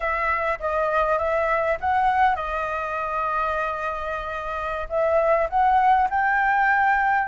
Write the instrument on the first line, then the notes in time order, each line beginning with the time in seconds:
flute
0.00 E5
0.59 D#5
1.18 E5
1.80 F#5
2.35 D#5
4.89 E5
5.49 F#5
6.09 G5